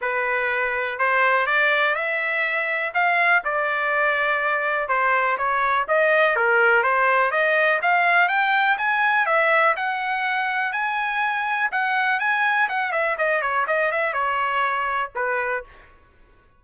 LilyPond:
\new Staff \with { instrumentName = "trumpet" } { \time 4/4 \tempo 4 = 123 b'2 c''4 d''4 | e''2 f''4 d''4~ | d''2 c''4 cis''4 | dis''4 ais'4 c''4 dis''4 |
f''4 g''4 gis''4 e''4 | fis''2 gis''2 | fis''4 gis''4 fis''8 e''8 dis''8 cis''8 | dis''8 e''8 cis''2 b'4 | }